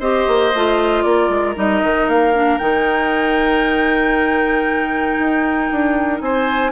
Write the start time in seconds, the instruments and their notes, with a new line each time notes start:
0.00 bassoon C4, clarinet G4, oboe C5, flute D#5
0.28 bassoon A#3
0.54 bassoon A3, clarinet F4
1.02 bassoon A#3, oboe A#4, flute D5
1.29 bassoon G#3
1.55 bassoon G3, clarinet D#4, flute D#5
1.83 bassoon D#3
2.08 bassoon A#3, flute F5
2.34 clarinet D4
2.58 bassoon D#3, clarinet D#4, flute G5
5.19 bassoon D#4
5.71 bassoon D4
6.21 bassoon C4, oboe C5, flute G#5